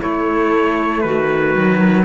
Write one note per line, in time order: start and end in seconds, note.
0.00 1.04 A3
0.00 1.56 A3
0.00 1.03 E4
0.00 1.01 C#5
1.01 2.05 D#3
1.01 2.05 F#4
1.01 2.05 B4
1.56 2.05 F#3